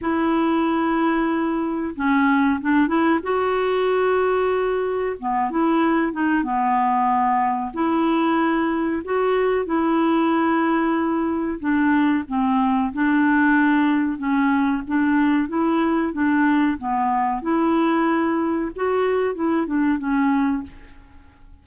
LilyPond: \new Staff \with { instrumentName = "clarinet" } { \time 4/4 \tempo 4 = 93 e'2. cis'4 | d'8 e'8 fis'2. | b8 e'4 dis'8 b2 | e'2 fis'4 e'4~ |
e'2 d'4 c'4 | d'2 cis'4 d'4 | e'4 d'4 b4 e'4~ | e'4 fis'4 e'8 d'8 cis'4 | }